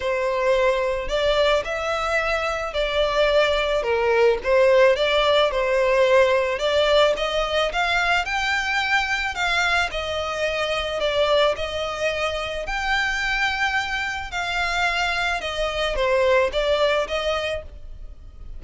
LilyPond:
\new Staff \with { instrumentName = "violin" } { \time 4/4 \tempo 4 = 109 c''2 d''4 e''4~ | e''4 d''2 ais'4 | c''4 d''4 c''2 | d''4 dis''4 f''4 g''4~ |
g''4 f''4 dis''2 | d''4 dis''2 g''4~ | g''2 f''2 | dis''4 c''4 d''4 dis''4 | }